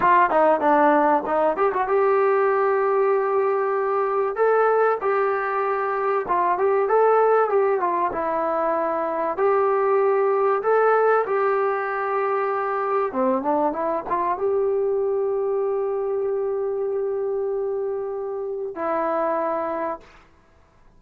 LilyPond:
\new Staff \with { instrumentName = "trombone" } { \time 4/4 \tempo 4 = 96 f'8 dis'8 d'4 dis'8 g'16 fis'16 g'4~ | g'2. a'4 | g'2 f'8 g'8 a'4 | g'8 f'8 e'2 g'4~ |
g'4 a'4 g'2~ | g'4 c'8 d'8 e'8 f'8 g'4~ | g'1~ | g'2 e'2 | }